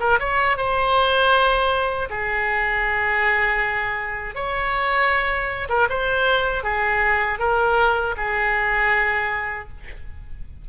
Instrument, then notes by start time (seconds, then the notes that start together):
oboe
0.00 A#4
0.19 C#5
0.57 C5
2.10 G#4
4.35 C#5
5.69 A#4
5.90 C5
6.64 G#4
7.39 A#4
8.17 G#4